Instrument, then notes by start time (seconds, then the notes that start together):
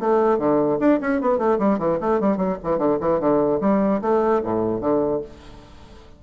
bassoon
0.00 A3
0.38 D3
0.79 D4
1.01 C#4
1.21 B3
1.38 A3
1.59 G3
1.79 E3
2.00 A3
2.20 G3
2.37 F#3
2.63 E3
2.78 D3
3.00 E3
3.20 D3
3.61 G3
4.02 A3
4.43 A2
4.81 D3